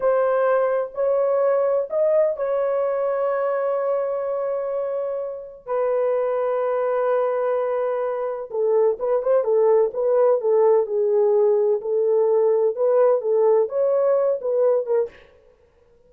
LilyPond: \new Staff \with { instrumentName = "horn" } { \time 4/4 \tempo 4 = 127 c''2 cis''2 | dis''4 cis''2.~ | cis''1 | b'1~ |
b'2 a'4 b'8 c''8 | a'4 b'4 a'4 gis'4~ | gis'4 a'2 b'4 | a'4 cis''4. b'4 ais'8 | }